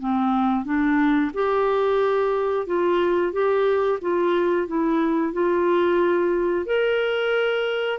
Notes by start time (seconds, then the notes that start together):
0.00 C4
0.65 D4
1.34 G4
2.67 F4
3.33 G4
4.02 F4
4.68 E4
5.33 F4
6.66 A#4